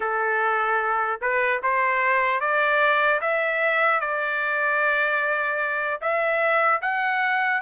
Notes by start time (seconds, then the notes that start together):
0.00 A4
1.21 B4
1.62 C5
2.40 D5
3.21 E5
4.00 D5
6.01 E5
6.81 F#5